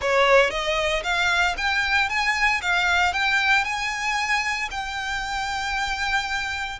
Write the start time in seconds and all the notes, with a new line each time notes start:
0.01 C#5
0.50 D#5
1.03 F5
1.57 G5
2.09 G#5
2.61 F5
3.13 G5
3.64 G#5
4.71 G5